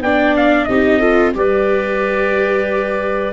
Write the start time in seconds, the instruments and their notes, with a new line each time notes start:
0.00 tuba B3, viola D4, clarinet D5, trumpet G5
0.36 trumpet F5
0.64 tuba C4, viola D#4, clarinet G4, trumpet D#5
0.98 viola F4, clarinet A4
1.34 tuba G3, viola G4, clarinet B4, trumpet D5